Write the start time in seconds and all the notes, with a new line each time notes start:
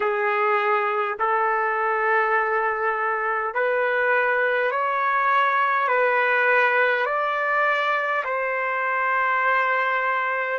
0.00 G#4
1.19 A4
3.54 B4
4.71 C#5
5.88 B4
7.05 D5
8.24 C5